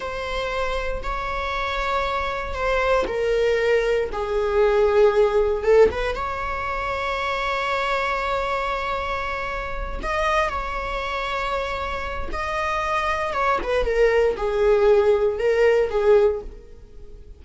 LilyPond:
\new Staff \with { instrumentName = "viola" } { \time 4/4 \tempo 4 = 117 c''2 cis''2~ | cis''4 c''4 ais'2 | gis'2. a'8 b'8 | cis''1~ |
cis''2.~ cis''8 dis''8~ | dis''8 cis''2.~ cis''8 | dis''2 cis''8 b'8 ais'4 | gis'2 ais'4 gis'4 | }